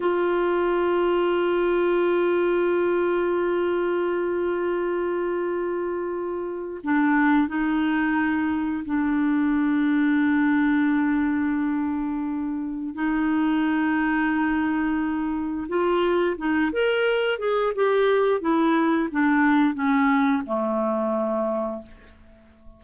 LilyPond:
\new Staff \with { instrumentName = "clarinet" } { \time 4/4 \tempo 4 = 88 f'1~ | f'1~ | f'2 d'4 dis'4~ | dis'4 d'2.~ |
d'2. dis'4~ | dis'2. f'4 | dis'8 ais'4 gis'8 g'4 e'4 | d'4 cis'4 a2 | }